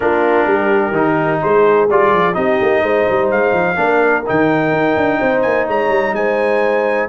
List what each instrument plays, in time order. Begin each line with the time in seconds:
0.00 tuba A#3, trombone D4, horn F4, trumpet A#4
0.46 tuba G3, horn G4
0.91 tuba D#3, trombone D#4
1.42 tuba G#3, horn G#4, trumpet C5
1.89 tuba G3, trombone F4, trumpet D5
2.12 tuba F3
2.33 tuba C4, trombone D#4, horn G4, trumpet D#5
2.61 tuba A#3
2.81 tuba G#3, horn C5
3.09 tuba G3
3.31 tuba G#3, trumpet F5
3.53 tuba F3
3.76 tuba A#3, trombone D4, horn A#4
4.26 tuba D#3, trombone D#4, trumpet G5
4.71 tuba D#4
4.96 tuba D4
5.19 tuba C4, horn C5
5.41 tuba A#3, trumpet G#5
5.66 tuba G#3, horn C#5, trumpet A#5
5.88 tuba G3
6.13 tuba G#3, horn C5, trumpet G#5